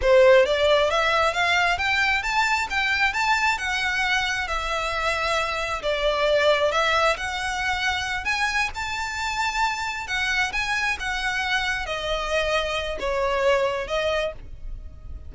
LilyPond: \new Staff \with { instrumentName = "violin" } { \time 4/4 \tempo 4 = 134 c''4 d''4 e''4 f''4 | g''4 a''4 g''4 a''4 | fis''2 e''2~ | e''4 d''2 e''4 |
fis''2~ fis''8 gis''4 a''8~ | a''2~ a''8 fis''4 gis''8~ | gis''8 fis''2 dis''4.~ | dis''4 cis''2 dis''4 | }